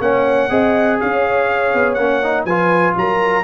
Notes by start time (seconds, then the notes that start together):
0.00 A#3 C#4 C#5 F#5
0.50 C4 G#4 D#5
1.00 C#4 C#5 F5
1.74 B3
1.94 A#3 C#4 F#5
2.23 D#4
2.45 F3 F4 B4 G#5
2.97 F#3 A#4 A#5